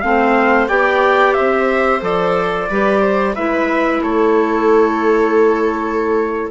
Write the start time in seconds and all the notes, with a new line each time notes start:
0.00 A3 C4 C5 F5
0.68 B3 G4 D5 G5
1.34 C4 C5 E5
2.01 F3 A4 D5
2.69 G3 G4 B4
3.00 C5
3.35 G#3 E4 B4 E5
4.01 A3 A4 C#5